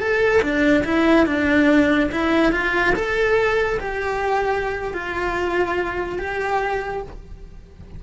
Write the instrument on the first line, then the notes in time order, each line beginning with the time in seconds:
cello
0.00 A4
0.42 D4
0.85 E4
1.26 D4
2.12 E4
2.53 F4
2.95 A4
3.80 G4
4.94 F4
6.19 G4